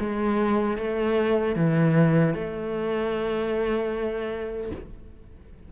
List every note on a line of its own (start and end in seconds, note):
0.00 0.78 G#3
0.78 1.56 A3
1.56 2.34 E3
2.34 4.71 A3